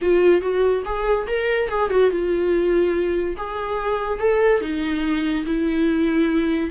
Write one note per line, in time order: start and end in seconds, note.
0.01 0.41 F4
0.41 0.83 F#4
0.85 1.27 G#4
1.27 1.69 A#4
1.69 1.90 G#4
1.90 2.10 F#4
2.10 3.36 F4
3.36 4.19 G#4
4.19 4.61 A4
4.61 5.45 D#4
5.45 6.70 E4